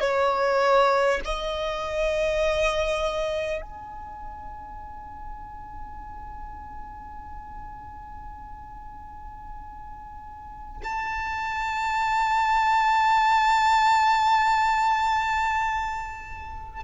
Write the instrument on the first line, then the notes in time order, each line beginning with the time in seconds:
violin
0.00 C#5
1.24 D#5
3.62 G#5
10.83 A5